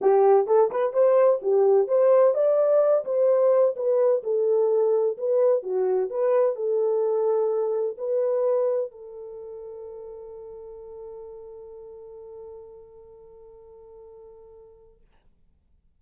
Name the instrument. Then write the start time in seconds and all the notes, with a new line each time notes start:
horn
0.01 G4
0.47 A4
0.70 B4
0.93 C5
1.41 G4
1.87 C5
2.34 D5
3.04 C5
3.76 B4
4.23 A4
5.17 B4
5.62 F#4
6.09 B4
6.55 A4
7.97 B4
8.91 A4